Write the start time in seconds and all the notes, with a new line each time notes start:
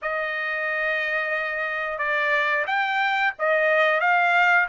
0.02 D#5
1.98 D5
2.67 G5
3.38 D#5
4.00 F5